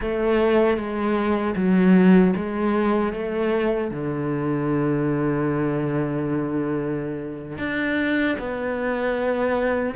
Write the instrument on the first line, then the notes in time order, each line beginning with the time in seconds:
cello
0.00 A3
0.77 G#3
1.56 F#3
2.36 G#3
3.12 A3
3.90 D3
7.58 D4
8.38 B3